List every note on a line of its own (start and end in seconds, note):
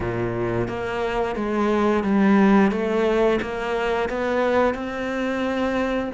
0.00 0.68 A#2
0.68 1.35 A#3
1.35 2.03 G#3
2.03 2.71 G3
2.71 3.39 A3
3.41 4.09 A#3
4.09 4.74 B3
4.74 6.11 C4